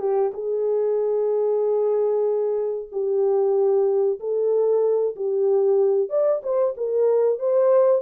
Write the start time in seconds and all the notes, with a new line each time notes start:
0.00 G4
0.34 G#4
2.92 G4
4.20 A4
5.16 G4
6.10 D5
6.43 C5
6.77 A#4
7.39 C5